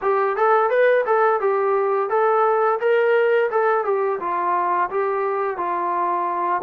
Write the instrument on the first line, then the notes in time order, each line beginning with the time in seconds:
trombone
0.01 G4
0.36 A4
0.69 B4
1.06 A4
1.40 G4
2.09 A4
2.80 A#4
3.50 A4
3.84 G4
4.20 F4
4.90 G4
5.57 F4